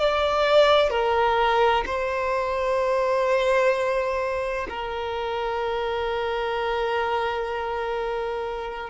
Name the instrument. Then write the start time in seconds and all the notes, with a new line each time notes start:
violin
0.00 D5
0.91 A#4
1.86 C5
4.70 A#4